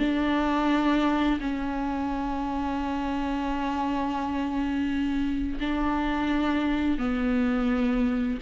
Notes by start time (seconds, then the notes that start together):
0.00 D4
1.40 C#4
5.60 D4
6.99 B3